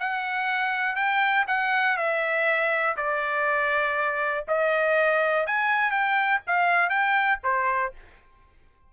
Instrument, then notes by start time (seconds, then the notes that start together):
trumpet
0.00 F#5
0.96 G5
1.48 F#5
1.97 E5
2.96 D5
4.48 D#5
5.47 G#5
5.91 G5
6.47 F5
6.90 G5
7.44 C5